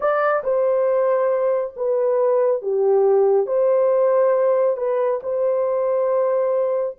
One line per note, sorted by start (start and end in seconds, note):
0.00 0.43 D5
0.43 1.74 C5
1.76 2.61 B4
2.61 3.46 G4
3.46 4.76 C5
4.76 5.20 B4
5.23 6.96 C5